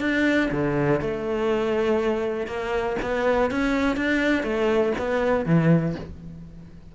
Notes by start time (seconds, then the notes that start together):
0.00 D4
0.51 D3
1.01 A3
2.47 A#3
3.02 B3
3.51 C#4
3.96 D4
4.43 A3
4.98 B3
5.46 E3